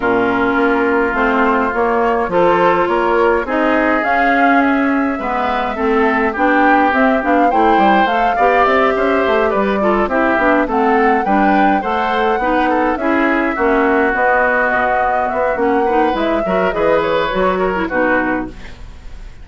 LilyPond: <<
  \new Staff \with { instrumentName = "flute" } { \time 4/4 \tempo 4 = 104 ais'2 c''4 cis''4 | c''4 cis''4 dis''4 f''4 | e''2. g''4 | e''8 f''8 g''4 f''4 e''4~ |
e''8 d''4 e''4 fis''4 g''8~ | g''8 fis''2 e''4.~ | e''8 dis''2 e''8 fis''4 | e''4 dis''8 cis''4. b'4 | }
  \new Staff \with { instrumentName = "oboe" } { \time 4/4 f'1 | a'4 ais'4 gis'2~ | gis'4 b'4 a'4 g'4~ | g'4 c''4. d''4 c''8~ |
c''8 b'8 a'8 g'4 a'4 b'8~ | b'8 c''4 b'8 a'8 gis'4 fis'8~ | fis'2.~ fis'8 b'8~ | b'8 ais'8 b'4. ais'8 fis'4 | }
  \new Staff \with { instrumentName = "clarinet" } { \time 4/4 cis'2 c'4 ais4 | f'2 dis'4 cis'4~ | cis'4 b4 c'4 d'4 | c'8 d'8 e'4 a'8 g'4.~ |
g'4 f'8 e'8 d'8 c'4 d'8~ | d'8 a'4 dis'4 e'4 cis'8~ | cis'8 b2~ b8 cis'8 dis'8 | e'8 fis'8 gis'4 fis'8. e'16 dis'4 | }
  \new Staff \with { instrumentName = "bassoon" } { \time 4/4 ais,4 ais4 a4 ais4 | f4 ais4 c'4 cis'4~ | cis'4 gis4 a4 b4 | c'8 b8 a8 g8 a8 b8 c'8 cis'8 |
a8 g4 c'8 b8 a4 g8~ | g8 a4 b4 cis'4 ais8~ | ais8 b4 b,4 b8 ais4 | gis8 fis8 e4 fis4 b,4 | }
>>